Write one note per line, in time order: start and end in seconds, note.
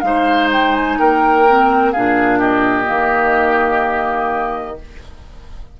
0.00 0.97 G#3
0.00 1.45 D#4
0.00 0.48 F5
0.06 0.99 C5
0.52 0.75 G5
0.75 0.98 G#5
0.98 1.94 A#3
0.98 1.92 A#4
0.98 1.92 G5
1.49 1.95 C4
1.92 2.89 A#2
1.92 2.85 D4
1.92 2.38 G#4
1.92 2.40 F5
2.38 4.77 G4
2.38 4.78 D#5
2.85 4.80 D#3
2.85 4.76 A#3